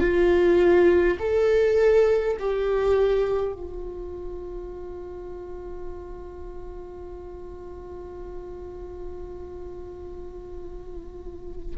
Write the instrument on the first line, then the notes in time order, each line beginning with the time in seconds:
viola
0.00 F4
1.19 A4
2.39 G4
3.52 F4